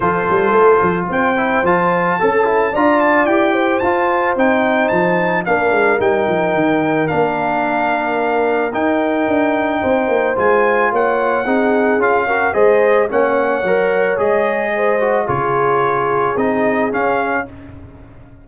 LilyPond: <<
  \new Staff \with { instrumentName = "trumpet" } { \time 4/4 \tempo 4 = 110 c''2 g''4 a''4~ | a''4 ais''8 a''8 g''4 a''4 | g''4 a''4 f''4 g''4~ | g''4 f''2. |
g''2. gis''4 | fis''2 f''4 dis''4 | fis''2 dis''2 | cis''2 dis''4 f''4 | }
  \new Staff \with { instrumentName = "horn" } { \time 4/4 a'2 c''2 | a'4 d''4. c''4.~ | c''2 ais'2~ | ais'1~ |
ais'2 c''2 | cis''4 gis'4. ais'8 c''4 | cis''2. c''4 | gis'1 | }
  \new Staff \with { instrumentName = "trombone" } { \time 4/4 f'2~ f'8 e'8 f'4 | a'8 e'8 f'4 g'4 f'4 | dis'2 d'4 dis'4~ | dis'4 d'2. |
dis'2. f'4~ | f'4 dis'4 f'8 fis'8 gis'4 | cis'4 ais'4 gis'4. fis'8 | f'2 dis'4 cis'4 | }
  \new Staff \with { instrumentName = "tuba" } { \time 4/4 f8 g8 a8 f8 c'4 f4 | cis'4 d'4 e'4 f'4 | c'4 f4 ais8 gis8 g8 f8 | dis4 ais2. |
dis'4 d'4 c'8 ais8 gis4 | ais4 c'4 cis'4 gis4 | ais4 fis4 gis2 | cis2 c'4 cis'4 | }
>>